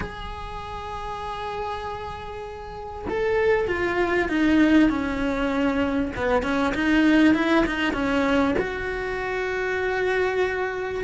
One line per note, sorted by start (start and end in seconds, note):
0.00 3.05 G#4
3.09 3.67 A4
3.67 4.28 F4
4.29 4.89 D#4
4.89 6.12 C#4
6.15 6.43 B3
6.43 6.73 C#4
6.74 7.34 D#4
7.34 7.65 E4
7.65 7.93 D#4
7.93 8.54 C#4
8.59 11.03 F#4